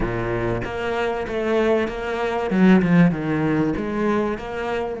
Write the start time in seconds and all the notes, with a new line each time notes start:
0.00 A#2
0.64 A#3
1.27 A3
1.88 A#3
2.50 F#3
2.82 F3
3.11 D#3
3.76 G#3
4.38 A#3